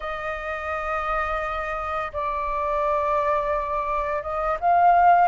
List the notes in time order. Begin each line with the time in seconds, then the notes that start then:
0.00 D#5
2.12 D5
4.22 D#5
4.60 F5